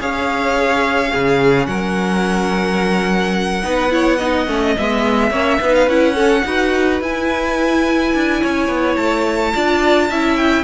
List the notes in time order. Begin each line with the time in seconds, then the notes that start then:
0.00 C#4 G#4 C#5 F5
1.09 C#4 G#4
1.15 C#3
1.67 F#3 A#4 F#5
3.64 B3 D#4 B4
3.91 E4 C#5
4.18 D#4 D#5
4.48 A3 C#4
4.78 G#3 B3 E5
5.31 A#3 C#4 C#5
5.61 B3 D#4 B4
5.75 F5
5.88 C#4 E4 F#5
6.15 C#4 A4
6.45 D#4 F#4 B4
7.02 E4 G#5
8.15 D4
8.41 C#4 C#5
8.69 B3
8.96 A3 A5
9.54 D4 F4 D5
10.09 C#4 E4 E5
10.36 G5